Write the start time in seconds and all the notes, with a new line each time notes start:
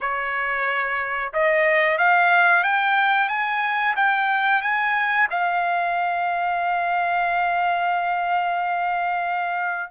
0.00 C#5
1.33 D#5
1.98 F5
2.63 G5
3.28 G#5
3.96 G5
4.62 G#5
5.30 F5